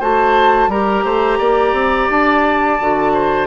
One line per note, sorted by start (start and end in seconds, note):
0.00 0.68 A3
0.00 0.70 F#4
0.00 0.70 C5
0.00 0.71 A5
0.68 1.03 G3
0.68 2.81 G4
0.68 1.05 A#4
0.68 2.10 A#5
1.04 1.39 A3
1.04 1.39 C5
1.39 1.73 A#3
1.39 3.13 D5
1.73 2.08 C4
2.10 2.80 D4
2.10 3.47 A5
2.81 3.47 D3
2.81 3.47 F#4
3.13 3.47 C5